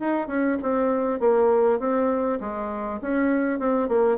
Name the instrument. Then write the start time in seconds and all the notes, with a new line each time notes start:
bassoon
0.00 D#4
0.28 C#4
0.62 C4
1.20 A#3
1.80 C4
2.41 G#3
3.02 C#4
3.60 C4
3.89 A#3